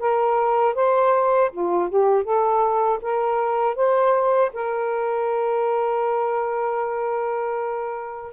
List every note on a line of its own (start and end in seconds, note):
0.00 0.75 A#4
0.75 1.51 C5
1.52 1.90 F4
1.90 2.24 G4
2.24 3.00 A4
3.02 3.76 A#4
3.76 4.52 C5
4.54 8.34 A#4